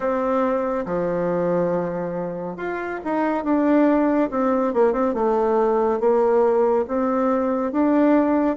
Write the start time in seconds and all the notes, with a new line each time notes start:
0.00 C4
0.85 F3
2.56 F4
3.04 D#4
3.44 D4
4.30 C4
4.73 A#3
4.92 C4
5.14 A3
6.00 A#3
6.87 C4
7.71 D4